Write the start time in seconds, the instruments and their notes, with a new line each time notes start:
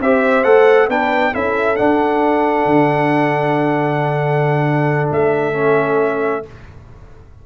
0.00 tuba C4, trombone G4, horn C5, trumpet E5
0.43 tuba A3, trombone A4, trumpet F#5
0.88 tuba B3, trombone D4, horn B4, trumpet G5
1.32 tuba C#4, trombone E4, horn A4, trumpet E5
1.76 trombone D4, tuba D4, trumpet F#5
2.65 tuba D3
5.11 tuba A3, trumpet E5
5.54 trombone C#4